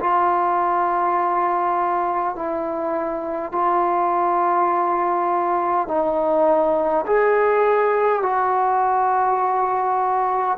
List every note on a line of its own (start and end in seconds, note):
0.00 2.35 F4
2.35 3.52 E4
3.52 5.88 F4
5.88 7.05 D#4
7.06 8.22 G#4
8.22 10.58 F#4